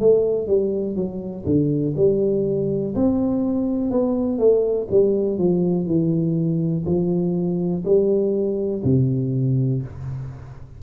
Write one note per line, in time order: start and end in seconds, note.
0.00 0.47 A3
0.47 0.96 G3
0.96 1.45 F#3
1.46 1.95 D3
1.97 2.95 G3
2.96 3.91 C4
3.91 4.39 B3
4.39 4.88 A3
4.91 5.38 G3
5.38 5.87 F3
5.87 6.85 E3
6.86 7.84 F3
7.85 8.83 G3
8.84 9.83 C3